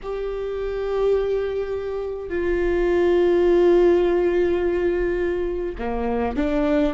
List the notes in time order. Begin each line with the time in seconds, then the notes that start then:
0.02 G4
2.29 F4
5.78 A#3
6.36 D4